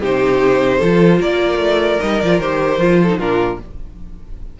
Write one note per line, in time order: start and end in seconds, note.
0.00 0.81 C3
0.00 0.81 D#4
0.00 0.78 G4
0.00 1.22 C5
0.78 1.20 F3
0.78 2.01 F4
0.78 1.18 A4
1.20 1.58 A#3
1.20 3.00 A#4
1.20 2.00 D5
1.58 1.98 A3
2.00 2.22 G3
2.00 2.22 D#4
2.00 2.20 D#5
2.20 2.39 F3
2.20 2.42 F4
2.20 2.40 D5
2.39 2.78 D#3
2.39 2.80 G4
2.39 3.19 C5
2.78 3.18 F3
2.78 3.08 F4
3.03 3.18 D#4
3.03 3.19 A4
3.19 3.59 A#2
3.19 3.60 D4
3.19 3.59 F4
3.19 3.59 A#4